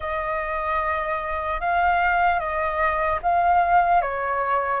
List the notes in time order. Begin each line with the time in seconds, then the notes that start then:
0.00 D#5
1.60 F5
2.39 D#5
3.22 F5
4.01 C#5